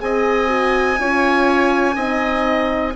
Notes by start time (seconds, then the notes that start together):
0.00 C4 G#4 D#5 G#5
0.48 F#4
1.00 C#4 F4 C#5
1.95 C4 D#4 D#5